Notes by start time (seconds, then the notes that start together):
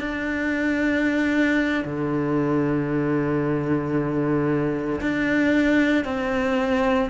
0.00 D4
1.85 D3
5.01 D4
6.05 C4